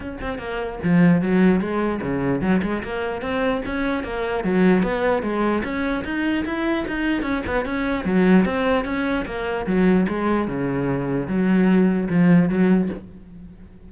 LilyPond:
\new Staff \with { instrumentName = "cello" } { \time 4/4 \tempo 4 = 149 cis'8 c'8 ais4 f4 fis4 | gis4 cis4 fis8 gis8 ais4 | c'4 cis'4 ais4 fis4 | b4 gis4 cis'4 dis'4 |
e'4 dis'4 cis'8 b8 cis'4 | fis4 c'4 cis'4 ais4 | fis4 gis4 cis2 | fis2 f4 fis4 | }